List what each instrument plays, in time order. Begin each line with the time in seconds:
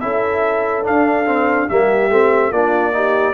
0.00 tuba C#4, trombone E4, horn A4, trumpet E5
0.83 trombone D4, tuba D4, trumpet F5
1.26 trombone C4
1.68 tuba G3, trombone A#3, horn G4, trumpet E5
2.09 tuba A3, trombone C4
2.50 tuba A#3, trombone D4, horn F4, trumpet D5
2.92 trombone D#4, horn G4